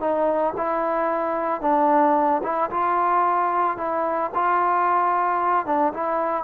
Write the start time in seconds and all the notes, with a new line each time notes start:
0.00 D#4
0.57 E4
1.61 D4
2.44 E4
2.71 F4
3.77 E4
4.34 F4
5.66 D4
5.94 E4